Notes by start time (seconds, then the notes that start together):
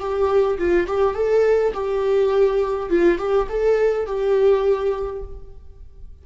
0.00 G4
0.59 F4
0.87 G4
1.15 A4
1.74 G4
2.90 F4
3.19 G4
3.49 A4
4.06 G4